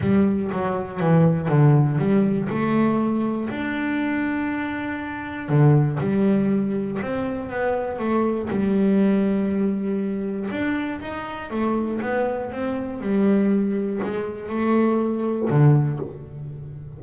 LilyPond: \new Staff \with { instrumentName = "double bass" } { \time 4/4 \tempo 4 = 120 g4 fis4 e4 d4 | g4 a2 d'4~ | d'2. d4 | g2 c'4 b4 |
a4 g2.~ | g4 d'4 dis'4 a4 | b4 c'4 g2 | gis4 a2 d4 | }